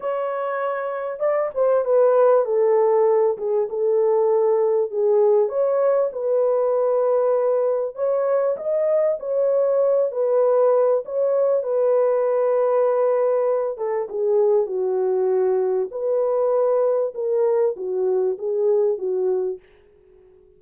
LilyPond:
\new Staff \with { instrumentName = "horn" } { \time 4/4 \tempo 4 = 98 cis''2 d''8 c''8 b'4 | a'4. gis'8 a'2 | gis'4 cis''4 b'2~ | b'4 cis''4 dis''4 cis''4~ |
cis''8 b'4. cis''4 b'4~ | b'2~ b'8 a'8 gis'4 | fis'2 b'2 | ais'4 fis'4 gis'4 fis'4 | }